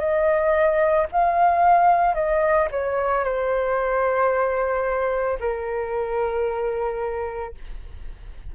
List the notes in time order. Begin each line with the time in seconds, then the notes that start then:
0.00 D#5
1.12 F5
2.15 D#5
2.71 C#5
3.24 C5
5.41 A#4